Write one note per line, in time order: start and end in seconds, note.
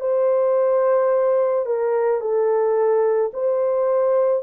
0.00 1.66 C5
1.66 2.20 A#4
2.20 3.31 A4
3.33 4.43 C5